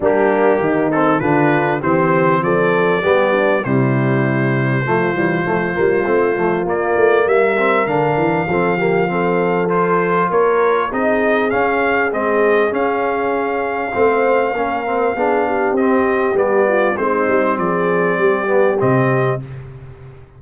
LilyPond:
<<
  \new Staff \with { instrumentName = "trumpet" } { \time 4/4 \tempo 4 = 99 g'4. a'8 b'4 c''4 | d''2 c''2~ | c''2. d''4 | e''4 f''2. |
c''4 cis''4 dis''4 f''4 | dis''4 f''2.~ | f''2 dis''4 d''4 | c''4 d''2 dis''4 | }
  \new Staff \with { instrumentName = "horn" } { \time 4/4 d'4 dis'4 f'4 g'4 | a'4 g'8 d'8 e'2 | f'1 | ais'2 a'8 g'8 a'4~ |
a'4 ais'4 gis'2~ | gis'2. c''4 | ais'4 gis'8 g'2 f'8 | dis'4 gis'4 g'2 | }
  \new Staff \with { instrumentName = "trombone" } { \time 4/4 ais4. c'8 d'4 c'4~ | c'4 b4 g2 | a8 g8 a8 ais8 c'8 a8 ais4~ | ais8 c'8 d'4 c'8 ais8 c'4 |
f'2 dis'4 cis'4 | c'4 cis'2 c'4 | cis'8 c'8 d'4 c'4 b4 | c'2~ c'8 b8 c'4 | }
  \new Staff \with { instrumentName = "tuba" } { \time 4/4 g4 dis4 d4 e4 | f4 g4 c2 | f8 e8 f8 g8 a8 f8 ais8 a8 | g4 d8 e8 f2~ |
f4 ais4 c'4 cis'4 | gis4 cis'2 a4 | ais4 b4 c'4 g4 | gis8 g8 f4 g4 c4 | }
>>